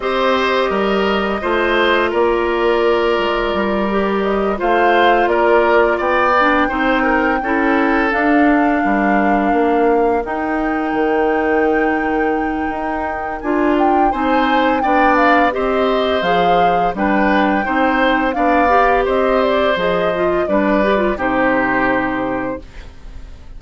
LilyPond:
<<
  \new Staff \with { instrumentName = "flute" } { \time 4/4 \tempo 4 = 85 dis''2. d''4~ | d''2 dis''8 f''4 d''8~ | d''8 g''2. f''8~ | f''2~ f''8 g''4.~ |
g''2. gis''8 g''8 | gis''4 g''8 f''8 dis''4 f''4 | g''2 f''4 dis''8 d''8 | dis''4 d''4 c''2 | }
  \new Staff \with { instrumentName = "oboe" } { \time 4/4 c''4 ais'4 c''4 ais'4~ | ais'2~ ais'8 c''4 ais'8~ | ais'8 d''4 c''8 ais'8 a'4.~ | a'8 ais'2.~ ais'8~ |
ais'1 | c''4 d''4 c''2 | b'4 c''4 d''4 c''4~ | c''4 b'4 g'2 | }
  \new Staff \with { instrumentName = "clarinet" } { \time 4/4 g'2 f'2~ | f'4. g'4 f'4.~ | f'4 d'8 dis'4 e'4 d'8~ | d'2~ d'8 dis'4.~ |
dis'2. f'4 | dis'4 d'4 g'4 gis'4 | d'4 dis'4 d'8 g'4. | gis'8 f'8 d'8 g'16 f'16 dis'2 | }
  \new Staff \with { instrumentName = "bassoon" } { \time 4/4 c'4 g4 a4 ais4~ | ais8 gis8 g4. a4 ais8~ | ais8 b4 c'4 cis'4 d'8~ | d'8 g4 ais4 dis'4 dis8~ |
dis2 dis'4 d'4 | c'4 b4 c'4 f4 | g4 c'4 b4 c'4 | f4 g4 c2 | }
>>